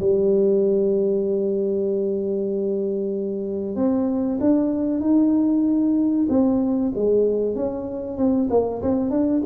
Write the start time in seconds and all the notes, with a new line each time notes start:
0.00 G3
3.76 C4
4.40 D4
5.00 D#4
6.29 C4
6.95 G#3
7.55 C#4
8.17 C4
8.50 A#3
8.82 C4
9.10 D4